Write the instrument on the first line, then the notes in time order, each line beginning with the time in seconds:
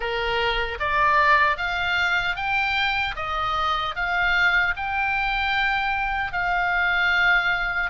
oboe
0.00 A#4
0.79 D5
1.57 F5
2.36 G5
3.16 D#5
3.95 F5
4.76 G5
6.32 F5